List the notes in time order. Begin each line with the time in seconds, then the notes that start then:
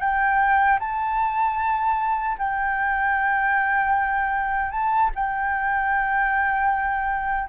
0.00 G5
0.79 A5
2.38 G5
4.71 A5
5.15 G5